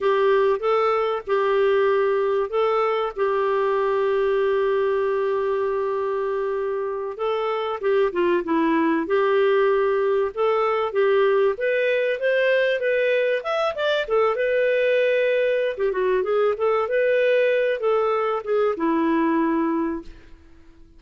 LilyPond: \new Staff \with { instrumentName = "clarinet" } { \time 4/4 \tempo 4 = 96 g'4 a'4 g'2 | a'4 g'2.~ | g'2.~ g'8 a'8~ | a'8 g'8 f'8 e'4 g'4.~ |
g'8 a'4 g'4 b'4 c''8~ | c''8 b'4 e''8 d''8 a'8 b'4~ | b'4~ b'16 g'16 fis'8 gis'8 a'8 b'4~ | b'8 a'4 gis'8 e'2 | }